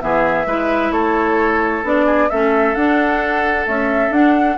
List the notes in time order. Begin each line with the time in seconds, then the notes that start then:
0.00 E3 B3 G#4 E5
0.46 G#3 E4 B4
0.91 A3 A4 C#5
1.84 B3 D4 D5
2.06 G#4
2.30 A3 C#4 A4 E5
2.75 D4 F#5
3.64 A3 C#4 E5
4.10 D4 F#5